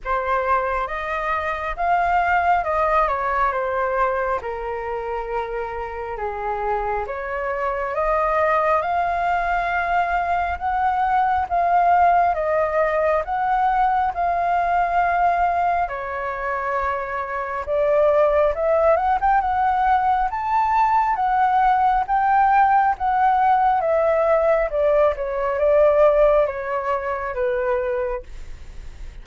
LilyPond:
\new Staff \with { instrumentName = "flute" } { \time 4/4 \tempo 4 = 68 c''4 dis''4 f''4 dis''8 cis''8 | c''4 ais'2 gis'4 | cis''4 dis''4 f''2 | fis''4 f''4 dis''4 fis''4 |
f''2 cis''2 | d''4 e''8 fis''16 g''16 fis''4 a''4 | fis''4 g''4 fis''4 e''4 | d''8 cis''8 d''4 cis''4 b'4 | }